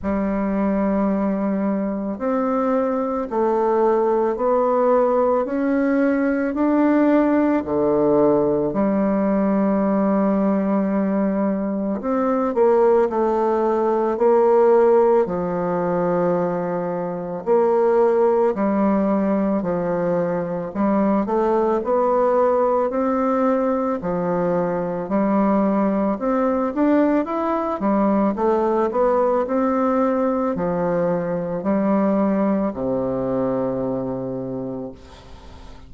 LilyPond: \new Staff \with { instrumentName = "bassoon" } { \time 4/4 \tempo 4 = 55 g2 c'4 a4 | b4 cis'4 d'4 d4 | g2. c'8 ais8 | a4 ais4 f2 |
ais4 g4 f4 g8 a8 | b4 c'4 f4 g4 | c'8 d'8 e'8 g8 a8 b8 c'4 | f4 g4 c2 | }